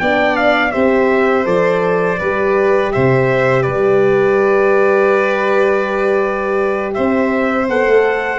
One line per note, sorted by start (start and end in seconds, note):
0.00 0.74 B3
0.00 0.73 D4
0.00 0.73 D5
0.00 0.36 G5
0.36 0.72 F5
0.72 1.46 C4
0.72 1.45 G4
0.72 2.20 C5
0.72 1.46 E5
1.45 2.19 F3
1.45 2.18 A4
1.45 2.92 D5
2.18 2.94 G3
2.18 7.67 G4
2.18 2.93 B4
2.92 3.68 C3
2.92 3.63 C5
2.92 3.63 E5
3.63 6.97 G3
3.63 6.92 B4
3.63 6.92 D5
6.94 7.70 C4
6.94 8.39 C5
6.94 7.68 E5
7.69 7.87 B3
7.69 8.39 A4
7.69 8.39 F#5
7.87 8.39 A3